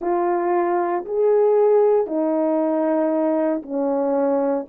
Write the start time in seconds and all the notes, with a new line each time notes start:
0.01 F4
1.05 G#4
2.06 D#4
3.62 C#4